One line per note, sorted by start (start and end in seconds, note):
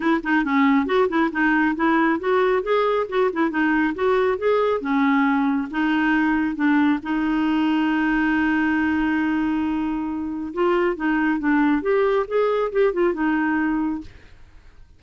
0.00 0.21 E4
0.23 0.44 D#4
0.44 0.86 C#4
0.86 1.07 F#4
1.08 1.30 E4
1.31 1.75 D#4
1.75 2.19 E4
2.19 2.63 F#4
2.63 3.06 G#4
3.08 3.30 F#4
3.32 3.50 E4
3.50 3.94 D#4
3.94 4.38 F#4
4.38 4.81 G#4
4.81 5.68 C#4
5.71 6.55 D#4
6.55 6.99 D4
7.03 10.53 D#4
10.53 10.96 F4
10.96 11.39 D#4
11.39 11.82 D4
11.82 12.25 G4
12.27 12.71 G#4
12.71 12.93 G4
12.93 13.13 F4
13.13 14.01 D#4